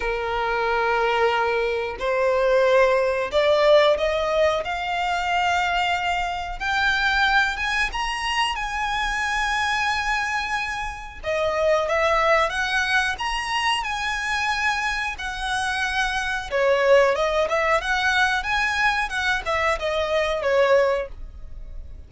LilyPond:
\new Staff \with { instrumentName = "violin" } { \time 4/4 \tempo 4 = 91 ais'2. c''4~ | c''4 d''4 dis''4 f''4~ | f''2 g''4. gis''8 | ais''4 gis''2.~ |
gis''4 dis''4 e''4 fis''4 | ais''4 gis''2 fis''4~ | fis''4 cis''4 dis''8 e''8 fis''4 | gis''4 fis''8 e''8 dis''4 cis''4 | }